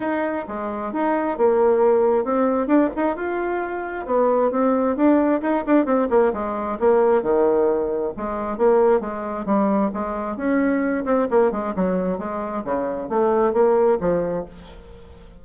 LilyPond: \new Staff \with { instrumentName = "bassoon" } { \time 4/4 \tempo 4 = 133 dis'4 gis4 dis'4 ais4~ | ais4 c'4 d'8 dis'8 f'4~ | f'4 b4 c'4 d'4 | dis'8 d'8 c'8 ais8 gis4 ais4 |
dis2 gis4 ais4 | gis4 g4 gis4 cis'4~ | cis'8 c'8 ais8 gis8 fis4 gis4 | cis4 a4 ais4 f4 | }